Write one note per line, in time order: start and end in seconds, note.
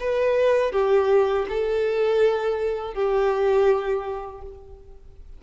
0.00 0.72 B4
0.72 1.46 G4
1.48 2.94 A4
2.94 4.42 G4